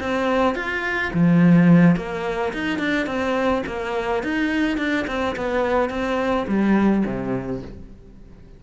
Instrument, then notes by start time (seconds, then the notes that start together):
cello
0.00 C4
0.55 F4
1.13 F3
1.96 A#3
2.53 D#4
2.79 D4
3.06 C4
3.66 A#3
4.23 D#4
4.77 D4
5.07 C4
5.36 B3
5.89 C4
6.47 G3
7.05 C3